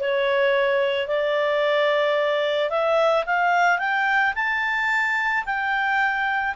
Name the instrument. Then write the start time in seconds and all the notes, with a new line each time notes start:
clarinet
0.00 C#5
1.08 D5
2.70 E5
3.26 F5
3.79 G5
4.35 A5
5.45 G5